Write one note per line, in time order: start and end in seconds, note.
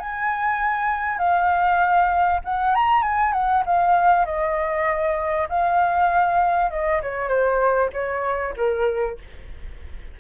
0.00 1.19 G#5
1.19 2.41 F5
2.45 2.76 F#5
2.76 3.03 A#5
3.03 3.33 G#5
3.33 3.64 F#5
3.66 4.26 F5
4.26 5.48 D#5
5.49 6.71 F5
6.71 7.02 D#5
7.03 7.29 C#5
7.29 7.90 C5
7.93 8.55 C#5
8.57 9.18 A#4